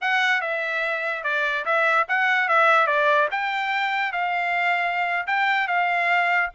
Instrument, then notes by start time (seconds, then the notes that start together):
trumpet
0.01 F#5
0.41 E5
1.23 D5
1.65 E5
2.08 F#5
2.48 E5
2.86 D5
3.31 G5
4.12 F5
5.26 G5
5.67 F5